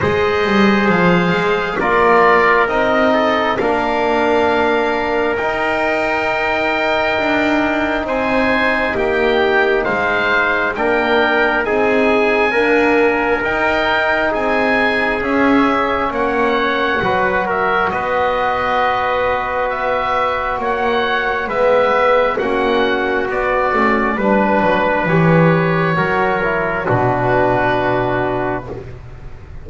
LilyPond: <<
  \new Staff \with { instrumentName = "oboe" } { \time 4/4 \tempo 4 = 67 dis''4 f''4 d''4 dis''4 | f''2 g''2~ | g''4 gis''4 g''4 f''4 | g''4 gis''2 g''4 |
gis''4 e''4 fis''4. e''8 | dis''2 e''4 fis''4 | e''4 fis''4 d''4 b'4 | cis''2 b'2 | }
  \new Staff \with { instrumentName = "trumpet" } { \time 4/4 c''2 ais'4. a'8 | ais'1~ | ais'4 c''4 g'4 c''4 | ais'4 gis'4 ais'2 |
gis'2 cis''4 b'8 ais'8 | b'2. cis''4 | b'4 fis'2 b'4~ | b'4 ais'4 fis'2 | }
  \new Staff \with { instrumentName = "trombone" } { \time 4/4 gis'2 f'4 dis'4 | d'2 dis'2~ | dis'1 | d'4 dis'4 ais4 dis'4~ |
dis'4 cis'2 fis'4~ | fis'1 | b4 cis'4 b8 cis'8 d'4 | g'4 fis'8 e'8 d'2 | }
  \new Staff \with { instrumentName = "double bass" } { \time 4/4 gis8 g8 f8 gis8 ais4 c'4 | ais2 dis'2 | d'4 c'4 ais4 gis4 | ais4 c'4 d'4 dis'4 |
c'4 cis'4 ais4 fis4 | b2. ais4 | gis4 ais4 b8 a8 g8 fis8 | e4 fis4 b,2 | }
>>